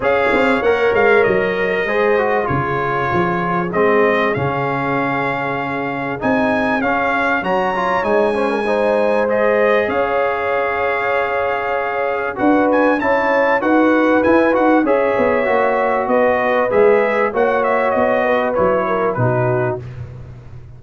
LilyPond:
<<
  \new Staff \with { instrumentName = "trumpet" } { \time 4/4 \tempo 4 = 97 f''4 fis''8 f''8 dis''2 | cis''2 dis''4 f''4~ | f''2 gis''4 f''4 | ais''4 gis''2 dis''4 |
f''1 | fis''8 gis''8 a''4 fis''4 gis''8 fis''8 | e''2 dis''4 e''4 | fis''8 e''8 dis''4 cis''4 b'4 | }
  \new Staff \with { instrumentName = "horn" } { \time 4/4 cis''2. c''4 | gis'1~ | gis'1 | cis''4. c''16 ais'16 c''2 |
cis''1 | b'4 cis''4 b'2 | cis''2 b'2 | cis''4. b'4 ais'8 fis'4 | }
  \new Staff \with { instrumentName = "trombone" } { \time 4/4 gis'4 ais'2 gis'8 fis'8 | f'2 c'4 cis'4~ | cis'2 dis'4 cis'4 | fis'8 f'8 dis'8 cis'8 dis'4 gis'4~ |
gis'1 | fis'4 e'4 fis'4 e'8 fis'8 | gis'4 fis'2 gis'4 | fis'2 e'4 dis'4 | }
  \new Staff \with { instrumentName = "tuba" } { \time 4/4 cis'8 c'8 ais8 gis8 fis4 gis4 | cis4 f4 gis4 cis4~ | cis2 c'4 cis'4 | fis4 gis2. |
cis'1 | d'4 cis'4 dis'4 e'8 dis'8 | cis'8 b8 ais4 b4 gis4 | ais4 b4 fis4 b,4 | }
>>